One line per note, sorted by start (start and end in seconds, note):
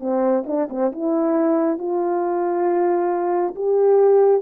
0.00 0.44 C4
0.46 0.68 D4
0.69 0.91 C4
0.92 1.78 E4
1.78 3.55 F4
3.55 4.42 G4